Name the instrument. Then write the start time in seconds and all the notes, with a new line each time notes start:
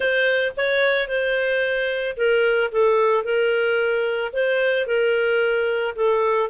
clarinet
0.00 C5
0.56 C#5
1.08 C5
2.16 A#4
2.71 A4
3.24 A#4
4.32 C5
4.86 A#4
5.95 A4